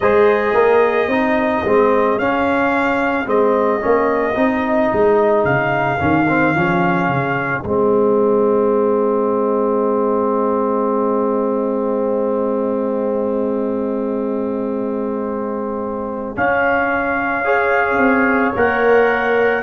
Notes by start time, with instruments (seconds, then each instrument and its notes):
0.00 tuba G#3, trombone G#4, horn C5, trumpet D#5
0.54 tuba A#3, horn A#4
1.07 tuba C4, trombone D#4, horn G#4
1.64 tuba G#3, trombone C4
2.18 tuba C#4, trombone C#4, trumpet F5
3.25 tuba G#3, trombone C4, trumpet D#5
3.80 tuba A#3, trombone C#4
4.35 tuba C4, trombone D#4
4.92 tuba G#3
5.45 tuba C#3, trumpet F5
5.98 tuba D#3, trombone C#4
6.27 trombone C4
6.54 tuba F3, trombone C#4
7.08 tuba C#3
7.62 tuba G#3, trombone C4, trumpet D#5
16.36 trombone C#4, tuba C#4, trumpet F5
17.44 trombone G#4, horn C#5
17.97 tuba C4
18.55 tuba A#3, trombone A#4, trumpet F#5